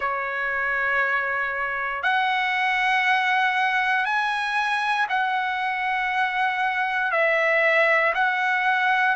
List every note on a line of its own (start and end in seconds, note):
0.00 2.02 C#5
2.02 4.04 F#5
4.04 5.06 G#5
5.08 7.11 F#5
7.11 8.13 E5
8.14 9.16 F#5